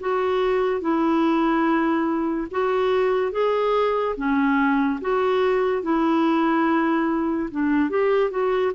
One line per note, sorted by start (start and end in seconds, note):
0.00 0.81 F#4
0.81 2.47 E4
2.51 3.32 F#4
3.32 4.15 G#4
4.16 5.00 C#4
5.01 5.83 F#4
5.83 7.49 E4
7.51 7.90 D4
7.90 8.30 G4
8.30 8.72 F#4